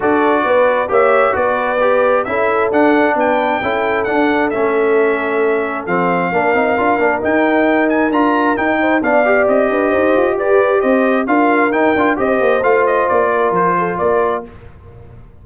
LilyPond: <<
  \new Staff \with { instrumentName = "trumpet" } { \time 4/4 \tempo 4 = 133 d''2 e''4 d''4~ | d''4 e''4 fis''4 g''4~ | g''4 fis''4 e''2~ | e''4 f''2. |
g''4. gis''8 ais''4 g''4 | f''4 dis''2 d''4 | dis''4 f''4 g''4 dis''4 | f''8 dis''8 d''4 c''4 d''4 | }
  \new Staff \with { instrumentName = "horn" } { \time 4/4 a'4 b'4 cis''4 b'4~ | b'4 a'2 b'4 | a'1~ | a'2 ais'2~ |
ais'2.~ ais'8 c''8 | d''4. b'8 c''4 b'4 | c''4 ais'2 c''4~ | c''4. ais'4 a'8 ais'4 | }
  \new Staff \with { instrumentName = "trombone" } { \time 4/4 fis'2 g'4 fis'4 | g'4 e'4 d'2 | e'4 d'4 cis'2~ | cis'4 c'4 d'8 dis'8 f'8 d'8 |
dis'2 f'4 dis'4 | d'8 g'2.~ g'8~ | g'4 f'4 dis'8 f'8 g'4 | f'1 | }
  \new Staff \with { instrumentName = "tuba" } { \time 4/4 d'4 b4 ais4 b4~ | b4 cis'4 d'4 b4 | cis'4 d'4 a2~ | a4 f4 ais8 c'8 d'8 ais8 |
dis'2 d'4 dis'4 | b4 c'8 d'8 dis'8 f'8 g'4 | c'4 d'4 dis'8 d'8 c'8 ais8 | a4 ais4 f4 ais4 | }
>>